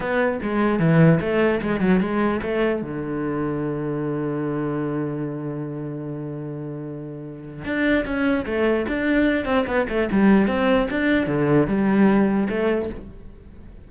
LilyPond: \new Staff \with { instrumentName = "cello" } { \time 4/4 \tempo 4 = 149 b4 gis4 e4 a4 | gis8 fis8 gis4 a4 d4~ | d1~ | d1~ |
d2. d'4 | cis'4 a4 d'4. c'8 | b8 a8 g4 c'4 d'4 | d4 g2 a4 | }